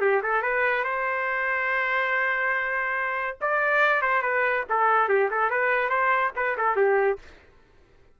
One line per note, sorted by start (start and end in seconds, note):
0.00 0.21 G4
0.22 0.42 A4
0.42 0.84 B4
0.84 3.37 C5
3.41 4.01 D5
4.01 4.22 C5
4.22 4.64 B4
4.69 5.08 A4
5.08 5.29 G4
5.30 5.50 A4
5.50 5.89 B4
5.89 6.31 C5
6.35 6.56 B4
6.57 6.76 A4
6.76 7.18 G4